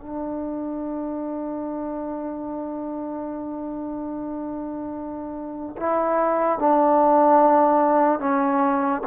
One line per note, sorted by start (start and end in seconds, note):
0.00 5.75 D4
5.76 6.59 E4
6.59 8.19 D4
8.19 9.01 C#4